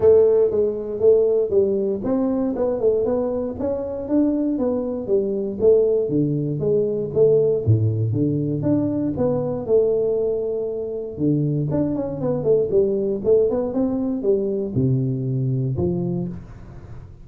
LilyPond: \new Staff \with { instrumentName = "tuba" } { \time 4/4 \tempo 4 = 118 a4 gis4 a4 g4 | c'4 b8 a8 b4 cis'4 | d'4 b4 g4 a4 | d4 gis4 a4 a,4 |
d4 d'4 b4 a4~ | a2 d4 d'8 cis'8 | b8 a8 g4 a8 b8 c'4 | g4 c2 f4 | }